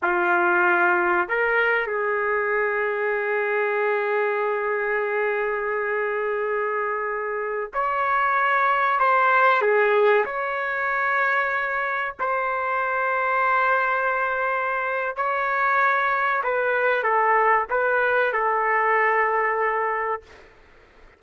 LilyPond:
\new Staff \with { instrumentName = "trumpet" } { \time 4/4 \tempo 4 = 95 f'2 ais'4 gis'4~ | gis'1~ | gis'1~ | gis'16 cis''2 c''4 gis'8.~ |
gis'16 cis''2. c''8.~ | c''1 | cis''2 b'4 a'4 | b'4 a'2. | }